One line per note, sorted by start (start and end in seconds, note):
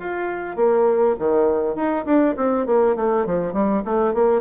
0.00 0.56 F4
0.56 1.16 A#3
1.19 1.76 D#3
1.76 2.06 D#4
2.06 2.35 D4
2.37 2.67 C4
2.67 2.96 A#3
2.96 3.26 A3
3.26 3.53 F3
3.53 3.83 G3
3.86 4.14 A3
4.14 4.42 A#3